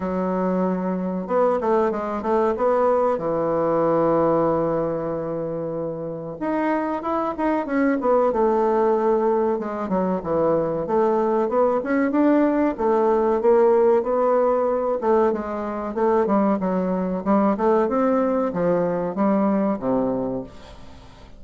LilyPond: \new Staff \with { instrumentName = "bassoon" } { \time 4/4 \tempo 4 = 94 fis2 b8 a8 gis8 a8 | b4 e2.~ | e2 dis'4 e'8 dis'8 | cis'8 b8 a2 gis8 fis8 |
e4 a4 b8 cis'8 d'4 | a4 ais4 b4. a8 | gis4 a8 g8 fis4 g8 a8 | c'4 f4 g4 c4 | }